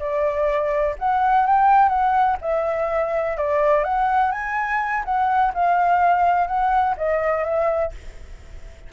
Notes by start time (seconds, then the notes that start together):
0.00 D5
0.99 F#5
1.47 G5
1.89 F#5
2.42 E5
3.38 D5
3.85 F#5
4.32 G#5
5.05 F#5
5.55 F5
6.48 F#5
6.98 D#5
7.45 E5